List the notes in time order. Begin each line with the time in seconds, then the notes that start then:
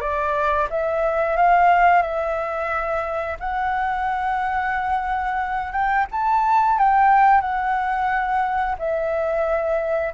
0.00 D5
0.70 E5
1.36 F5
2.02 E5
3.39 F#5
5.72 G5
6.11 A5
6.78 G5
7.41 F#5
8.78 E5